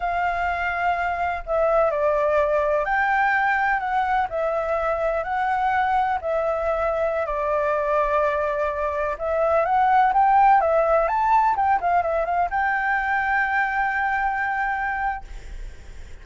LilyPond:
\new Staff \with { instrumentName = "flute" } { \time 4/4 \tempo 4 = 126 f''2. e''4 | d''2 g''2 | fis''4 e''2 fis''4~ | fis''4 e''2~ e''16 d''8.~ |
d''2.~ d''16 e''8.~ | e''16 fis''4 g''4 e''4 a''8.~ | a''16 g''8 f''8 e''8 f''8 g''4.~ g''16~ | g''1 | }